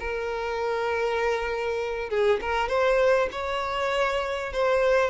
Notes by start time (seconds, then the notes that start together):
0.00 A#4
2.10 G#4
2.42 A#4
2.69 C5
3.32 C#5
4.53 C5